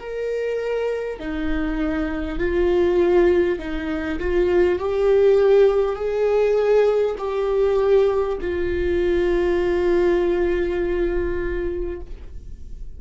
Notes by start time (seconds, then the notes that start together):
0.00 A#4
1.20 D#4
2.39 F4
3.59 D#4
4.19 F4
4.79 G4
5.96 G#4
7.19 G4
8.42 F4